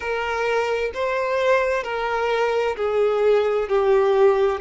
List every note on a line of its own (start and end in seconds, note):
0.00 0.91 A#4
0.94 1.83 C5
1.83 2.76 A#4
2.76 3.68 G#4
3.68 4.61 G4